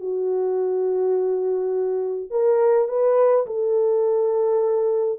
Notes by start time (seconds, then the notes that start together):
0.00 F#4
2.31 A#4
2.89 B4
3.47 A4